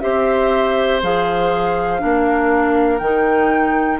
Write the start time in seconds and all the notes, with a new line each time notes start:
0.00 C4 G4 C5 E5
1.02 F3 G#4 F5
1.99 A#3 D4 A#4
2.98 D#3 D#4 G5